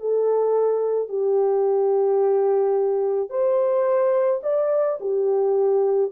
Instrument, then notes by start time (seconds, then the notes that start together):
horn
0.00 A4
1.09 G4
3.30 C5
4.43 D5
5.00 G4